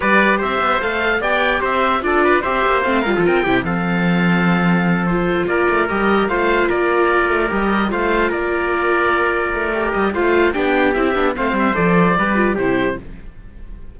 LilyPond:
<<
  \new Staff \with { instrumentName = "oboe" } { \time 4/4 \tempo 4 = 148 d''4 e''4 f''4 g''4 | e''4 d''4 e''4 f''4 | g''4 f''2.~ | f''8 c''4 d''4 dis''4 f''8~ |
f''8 d''2 dis''4 f''8~ | f''8 d''2.~ d''8~ | d''8 dis''8 f''4 g''4 e''4 | f''8 e''8 d''2 c''4 | }
  \new Staff \with { instrumentName = "trumpet" } { \time 4/4 b'4 c''2 d''4 | c''4 a'8 b'8 c''4. ais'16 a'16 | ais'8 g'8 a'2.~ | a'4. ais'2 c''8~ |
c''8 ais'2. c''8~ | c''8 ais'2.~ ais'8~ | ais'4 c''4 g'2 | c''2 b'4 g'4 | }
  \new Staff \with { instrumentName = "viola" } { \time 4/4 g'2 a'4 g'4~ | g'4 f'4 g'4 c'8 f'8~ | f'8 e'8 c'2.~ | c'8 f'2 g'4 f'8~ |
f'2~ f'8 g'4 f'8~ | f'1 | g'4 f'4 d'4 e'8 d'8 | c'4 a'4 g'8 f'8 e'4 | }
  \new Staff \with { instrumentName = "cello" } { \time 4/4 g4 c'8 b8 a4 b4 | c'4 d'4 c'8 ais8 a8 g16 f16 | c'8 c8 f2.~ | f4. ais8 a8 g4 a8~ |
a8 ais4. a8 g4 a8~ | a8 ais2. a8~ | a8 g8 a4 b4 c'8 b8 | a8 g8 f4 g4 c4 | }
>>